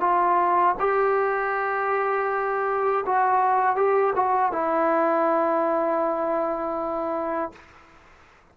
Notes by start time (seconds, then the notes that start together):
0.00 F4
0.79 G4
3.05 F#4
3.76 G4
4.15 F#4
4.52 E4